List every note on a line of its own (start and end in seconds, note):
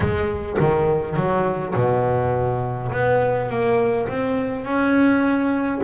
0.00 0.57 G#3
0.59 1.16 D#3
1.16 1.74 F#3
1.74 2.91 B2
2.92 3.49 B3
3.49 4.08 A#3
4.08 4.64 C4
4.64 5.81 C#4